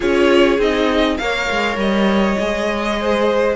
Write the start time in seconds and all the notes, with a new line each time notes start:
0.00 C#4 F4 G#4 C#5
0.58 C4 D#4 D#5
1.17 A#3 A#4 C#5 F5
1.50 G#3
1.76 G3 D#5
2.39 G#3 G#4
2.99 C5